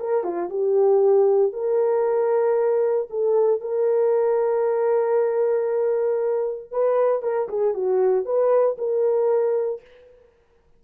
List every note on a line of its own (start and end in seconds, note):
0.00 0.24 A#4
0.24 0.50 F4
0.50 1.53 G4
1.53 3.08 A#4
3.10 3.61 A4
3.61 6.71 A#4
6.71 7.23 B4
7.23 7.49 A#4
7.49 7.74 G#4
7.74 8.25 F#4
8.25 8.77 B4
8.78 9.82 A#4